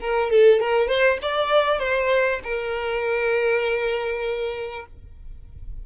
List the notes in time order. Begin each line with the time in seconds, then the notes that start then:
0.00 A#4
0.30 A4
0.60 A#4
0.88 C5
1.22 D5
1.79 C5
2.44 A#4